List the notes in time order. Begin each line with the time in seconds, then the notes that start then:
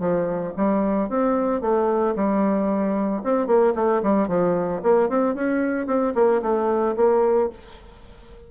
0.00 F3
0.57 G3
1.10 C4
1.62 A3
2.16 G3
3.24 C4
3.47 A#3
3.75 A3
4.03 G3
4.29 F3
4.83 A#3
5.10 C4
5.35 C#4
5.87 C4
6.15 A#3
6.43 A3
6.97 A#3